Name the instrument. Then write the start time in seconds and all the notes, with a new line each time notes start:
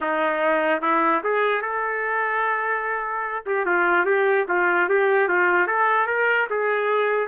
trumpet
0.01 D#4
0.81 E4
1.23 G#4
1.61 A4
3.46 G4
3.65 F4
4.05 G4
4.48 F4
4.89 G4
5.28 F4
5.67 A4
6.06 A#4
6.50 G#4